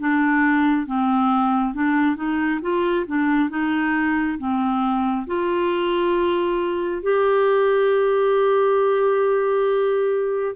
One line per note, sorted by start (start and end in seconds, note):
0.00 0.87 D4
0.87 1.74 C4
1.74 2.17 D4
2.17 2.61 D#4
2.62 3.06 F4
3.07 3.50 D4
3.50 4.38 D#4
4.39 5.27 C4
5.27 7.03 F4
7.03 10.56 G4